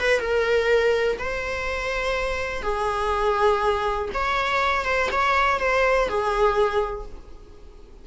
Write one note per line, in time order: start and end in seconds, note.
0.00 0.20 B4
0.20 1.17 A#4
1.19 2.63 C5
2.63 4.09 G#4
4.14 4.85 C#5
4.85 5.09 C5
5.12 5.60 C#5
5.60 6.08 C5
6.08 7.06 G#4